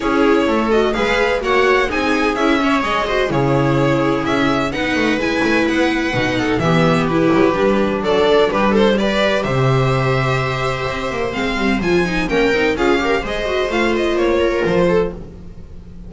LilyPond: <<
  \new Staff \with { instrumentName = "violin" } { \time 4/4 \tempo 4 = 127 cis''4. dis''8 f''4 fis''4 | gis''4 e''4 dis''4 cis''4~ | cis''4 e''4 fis''4 gis''4 | fis''2 e''4 b'4~ |
b'4 d''4 b'8 c''8 d''4 | e''1 | f''4 gis''4 g''4 f''4 | dis''4 f''8 dis''8 cis''4 c''4 | }
  \new Staff \with { instrumentName = "viola" } { \time 4/4 gis'4 a'4 b'4 cis''4 | gis'4. cis''4 c''8 gis'4~ | gis'2 b'2~ | b'4. a'8 g'2~ |
g'4 a'4 g'8 a'8 b'4 | c''1~ | c''2 ais'4 gis'8 ais'8 | c''2~ c''8 ais'4 a'8 | }
  \new Staff \with { instrumentName = "viola" } { \time 4/4 e'4. fis'8 gis'4 fis'4 | dis'4 e'8 cis'8 gis'8 fis'8 e'4~ | e'2 dis'4 e'4~ | e'4 dis'4 b4 e'4 |
d'2. g'4~ | g'1 | c'4 f'8 dis'8 cis'8 dis'8 f'8 g'8 | gis'8 fis'8 f'2. | }
  \new Staff \with { instrumentName = "double bass" } { \time 4/4 cis'4 a4 gis4 ais4 | c'4 cis'4 gis4 cis4~ | cis4 cis'4 b8 a8 gis8 a8 | b4 b,4 e4. fis8 |
g4 fis4 g2 | c2. c'8 ais8 | gis8 g8 f4 ais8 c'8 cis'4 | gis4 a4 ais4 f4 | }
>>